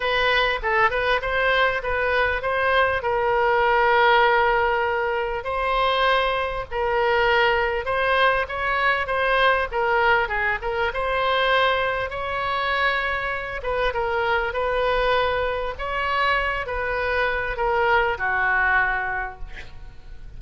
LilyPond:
\new Staff \with { instrumentName = "oboe" } { \time 4/4 \tempo 4 = 99 b'4 a'8 b'8 c''4 b'4 | c''4 ais'2.~ | ais'4 c''2 ais'4~ | ais'4 c''4 cis''4 c''4 |
ais'4 gis'8 ais'8 c''2 | cis''2~ cis''8 b'8 ais'4 | b'2 cis''4. b'8~ | b'4 ais'4 fis'2 | }